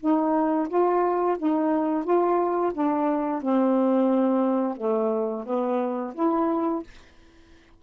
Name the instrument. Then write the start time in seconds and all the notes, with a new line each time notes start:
saxophone
0.00 D#4
0.69 F4
1.39 D#4
2.05 F4
2.74 D4
3.42 C4
4.77 A3
5.46 B3
6.15 E4